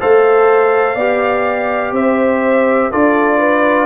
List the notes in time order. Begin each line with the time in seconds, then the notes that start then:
0.00 A3 A4 C5 F5
0.95 B3 G4 D5
1.92 C4 C5 E5
2.91 D4 F4 A4 D5
3.38 B4